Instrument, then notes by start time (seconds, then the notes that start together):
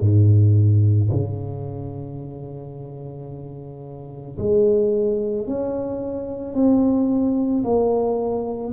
tuba
0.00 G#2
1.11 C#3
4.38 G#3
5.47 C#4
6.54 C4
7.64 A#3